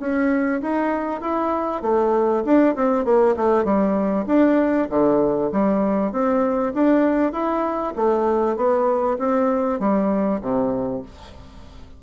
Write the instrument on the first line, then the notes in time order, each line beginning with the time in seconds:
bassoon
0.00 C#4
0.62 D#4
1.21 E4
1.82 A3
2.45 D4
2.76 C4
3.05 A#3
3.37 A3
3.65 G3
4.27 D4
4.90 D3
5.52 G3
6.12 C4
6.74 D4
7.32 E4
7.96 A3
8.57 B3
9.19 C4
9.80 G3
10.41 C3